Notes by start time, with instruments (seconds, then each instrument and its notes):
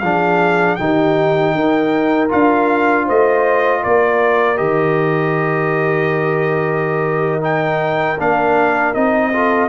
0.00 tuba F3, trombone D4, horn G#4, trumpet F5
0.76 tuba D#3, trombone D#4, horn G4, trumpet G5
1.55 tuba D#4, horn A#4
2.29 tuba D4, trombone F4, trumpet F5
3.06 tuba A3, horn C5, trumpet D#5
3.83 tuba A#3, horn A#4, trumpet D5
4.56 tuba D#3, trombone G4, trumpet D#5
7.41 trombone D#4, trumpet G5
8.20 tuba A#3, trombone D4, trumpet F5
8.95 tuba C4, trombone D#4, trumpet D#5
9.33 trombone F4, horn A4